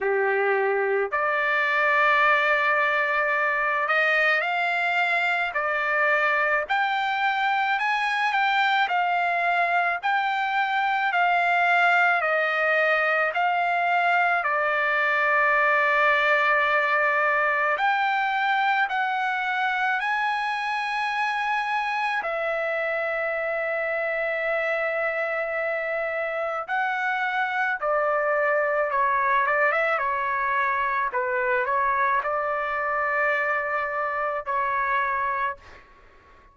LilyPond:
\new Staff \with { instrumentName = "trumpet" } { \time 4/4 \tempo 4 = 54 g'4 d''2~ d''8 dis''8 | f''4 d''4 g''4 gis''8 g''8 | f''4 g''4 f''4 dis''4 | f''4 d''2. |
g''4 fis''4 gis''2 | e''1 | fis''4 d''4 cis''8 d''16 e''16 cis''4 | b'8 cis''8 d''2 cis''4 | }